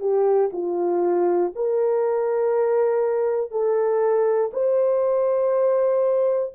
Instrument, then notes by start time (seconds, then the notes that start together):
horn
0.00 G4
0.52 F4
1.55 A#4
3.50 A4
4.53 C5